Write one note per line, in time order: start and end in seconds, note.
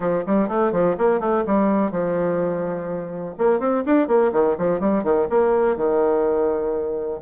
0.00 0.24 F3
0.26 0.48 G3
0.48 0.72 A3
0.72 0.96 F3
0.98 1.20 A#3
1.20 1.44 A3
1.46 1.91 G3
1.91 3.35 F3
3.37 3.59 A#3
3.59 3.83 C4
3.85 4.07 D4
4.07 4.31 A#3
4.32 4.56 D#3
4.58 4.80 F3
4.80 5.03 G3
5.03 5.27 D#3
5.29 5.76 A#3
5.76 7.20 D#3